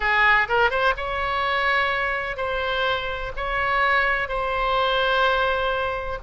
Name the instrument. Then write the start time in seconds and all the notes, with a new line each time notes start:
oboe
0.00 G#4
0.48 A#4
0.70 C5
0.96 C#5
2.37 C5
3.36 C#5
4.28 C5